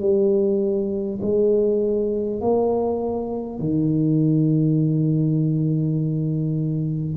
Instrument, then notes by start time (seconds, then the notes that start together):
tuba
0.00 G3
1.22 G#3
2.41 A#3
3.59 D#3